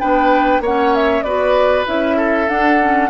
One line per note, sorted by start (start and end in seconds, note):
0.00 0.60 B3
0.00 0.62 D4
0.00 0.62 B4
0.00 0.62 G5
0.60 1.22 A#3
0.60 1.24 C#5
0.60 0.95 F#5
0.67 1.26 C#4
0.95 1.23 E5
1.23 1.85 B3
1.23 1.86 F#4
1.23 2.17 B4
1.23 1.85 D5
1.86 2.49 C#4
1.86 2.48 E4
1.86 2.49 E5
2.17 3.10 A4
2.49 2.80 D4
2.49 3.10 D4
2.49 3.10 F#5
2.80 3.10 C#4